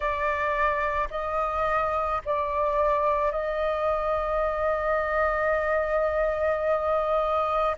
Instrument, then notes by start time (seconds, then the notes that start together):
flute
0.00 D5
1.10 D#5
2.25 D5
3.31 D#5